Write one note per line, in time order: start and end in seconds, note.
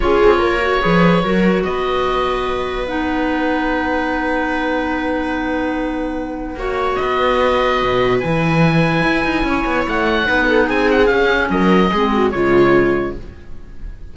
0.00 0.22 C#4
0.00 0.59 F4
0.00 0.39 G#4
0.00 1.63 C#5
0.23 0.40 C4
0.39 0.81 A#3
0.39 0.80 A#4
0.60 0.80 F#4
0.80 1.23 F3
0.80 1.21 G#4
0.80 1.23 B4
1.23 1.64 F#3
1.23 2.86 F#4
1.23 1.64 A#4
1.63 6.55 B3
1.63 6.59 B4
1.63 2.87 D#5
2.86 6.56 D#4
2.86 6.95 F#5
6.55 6.96 A#3
6.55 8.21 F#4
6.55 7.00 C#5
6.95 9.46 B4
6.95 8.18 D#5
7.02 7.81 B3
7.81 8.23 B2
8.20 9.03 E3
8.20 10.25 E4
8.20 9.84 G#5
9.03 9.23 E4
9.24 9.43 D#4
9.43 9.63 C#4
9.43 10.26 C#5
9.65 9.86 B3
9.87 10.28 A3
9.87 10.69 F#5
10.25 10.69 B3
10.25 11.07 D#4
10.25 10.46 B4
10.47 10.66 A4
10.66 11.10 C4
10.66 11.48 G#4
10.66 10.90 G#5
10.91 11.06 F#5
11.06 11.89 C#4
11.06 11.49 C#4
11.06 11.47 F5
11.49 11.90 F#3
11.49 11.90 A#4
11.49 12.30 D#5
11.90 12.33 G#3
11.90 12.32 C4
11.90 12.10 G#4
12.13 12.33 F#4
12.30 13.16 C#3
12.30 13.14 G#3
12.30 13.16 F4
12.30 13.12 C#5